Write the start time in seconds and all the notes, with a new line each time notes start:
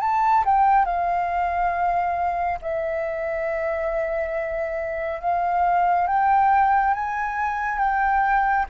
0.00 A5
0.45 G5
0.85 F5
2.61 E5
5.20 F5
6.07 G5
6.93 G#5
7.78 G5